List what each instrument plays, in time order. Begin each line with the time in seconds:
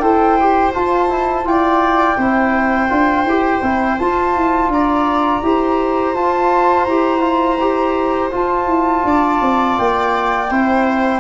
0.00 tuba E4, trombone A4, viola C5, flute G5
0.40 trombone G4
0.73 trombone F4, tuba F4, flute A5
1.09 trombone E4
1.44 tuba E4, trombone F4, viola D5, flute G5
2.17 tuba C4, trombone E4, viola C5
2.89 tuba D4, trombone F4
3.24 tuba E4, trombone G4
3.62 tuba C4, trombone E4
3.99 tuba F4, trombone F4, flute A5
4.36 tuba E4
4.68 tuba D4, viola D5, flute A#5
5.42 tuba E4, trombone G4, viola C5
6.14 tuba F4, trombone F4, flute A5
6.84 tuba E4, trombone G4, flute A#5
7.20 trombone F4
7.61 trombone G4
8.31 trombone F4, tuba F4, flute A5
8.66 tuba E4
9.04 tuba D4, viola D5
9.42 tuba C4
9.78 tuba A#3, flute G5
10.50 tuba C4, trombone E4, viola C5